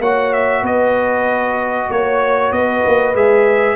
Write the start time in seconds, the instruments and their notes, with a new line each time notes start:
0.00 tuba A#3, trombone F#4, horn C#5, trumpet F#5
0.33 trumpet E5
0.61 tuba B3, horn B4, trumpet D#5
1.91 tuba A#3, trumpet C#5, horn C#5
2.52 tuba B3, horn B4, trumpet D#5
2.86 tuba A#3
3.15 tuba G#3, trombone G#4, trumpet E5